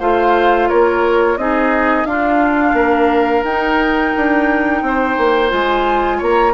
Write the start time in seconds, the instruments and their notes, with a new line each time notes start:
0.00 bassoon A3, clarinet F4, oboe C5, flute F5
0.69 bassoon A#3, oboe A#4, flute C#5
1.37 bassoon C4, clarinet D#4, oboe G#4, flute D#5
2.05 bassoon D4, clarinet D4, oboe F4, flute F5
2.74 bassoon A#3, oboe A#4
3.43 bassoon D#4, clarinet D#4, flute G5
4.17 bassoon D4
4.82 bassoon C4, oboe C5
5.18 bassoon A#3
5.49 bassoon G#3, clarinet F4, flute G#5
6.18 bassoon A#3, oboe C#5, flute A#5